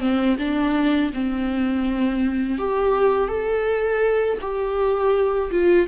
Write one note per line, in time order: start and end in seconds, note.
0.00 0.37 C4
0.39 1.12 D4
1.13 2.58 C4
2.58 3.28 G4
3.28 4.38 A4
4.41 5.51 G4
5.51 5.87 F4